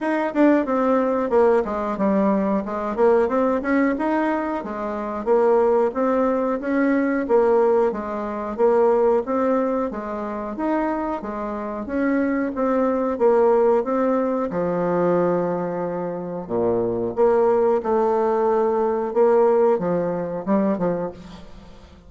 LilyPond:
\new Staff \with { instrumentName = "bassoon" } { \time 4/4 \tempo 4 = 91 dis'8 d'8 c'4 ais8 gis8 g4 | gis8 ais8 c'8 cis'8 dis'4 gis4 | ais4 c'4 cis'4 ais4 | gis4 ais4 c'4 gis4 |
dis'4 gis4 cis'4 c'4 | ais4 c'4 f2~ | f4 ais,4 ais4 a4~ | a4 ais4 f4 g8 f8 | }